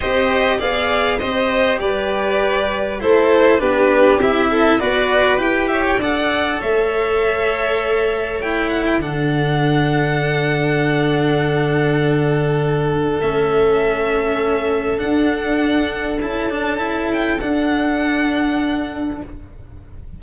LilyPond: <<
  \new Staff \with { instrumentName = "violin" } { \time 4/4 \tempo 4 = 100 dis''4 f''4 dis''4 d''4~ | d''4 c''4 b'4 e''4 | d''4 g''8 e''16 g''16 fis''4 e''4~ | e''2 g''8 fis''16 g''16 fis''4~ |
fis''1~ | fis''2 e''2~ | e''4 fis''2 a''4~ | a''8 g''8 fis''2. | }
  \new Staff \with { instrumentName = "violin" } { \time 4/4 c''4 d''4 c''4 b'4~ | b'4 a'4 g'4. a'8 | b'4. cis''8 d''4 cis''4~ | cis''2. a'4~ |
a'1~ | a'1~ | a'1~ | a'1 | }
  \new Staff \with { instrumentName = "cello" } { \time 4/4 g'4 gis'4 g'2~ | g'4 e'4 d'4 e'4 | fis'4 g'4 a'2~ | a'2 e'4 d'4~ |
d'1~ | d'2 cis'2~ | cis'4 d'2 e'8 d'8 | e'4 d'2. | }
  \new Staff \with { instrumentName = "tuba" } { \time 4/4 c'4 b4 c'4 g4~ | g4 a4 b4 c'4 | b4 e'4 d'4 a4~ | a2. d4~ |
d1~ | d2 a2~ | a4 d'2 cis'4~ | cis'4 d'2. | }
>>